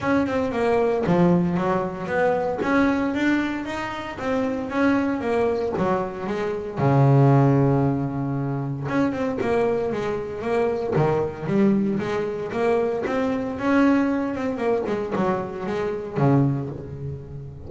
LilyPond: \new Staff \with { instrumentName = "double bass" } { \time 4/4 \tempo 4 = 115 cis'8 c'8 ais4 f4 fis4 | b4 cis'4 d'4 dis'4 | c'4 cis'4 ais4 fis4 | gis4 cis2.~ |
cis4 cis'8 c'8 ais4 gis4 | ais4 dis4 g4 gis4 | ais4 c'4 cis'4. c'8 | ais8 gis8 fis4 gis4 cis4 | }